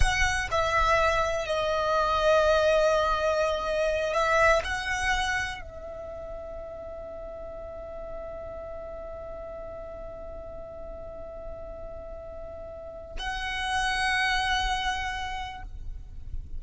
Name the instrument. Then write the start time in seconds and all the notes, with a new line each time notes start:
violin
0.00 F#5
0.51 E5
1.46 D#5
4.13 E5
4.63 F#5
5.61 E5
13.19 F#5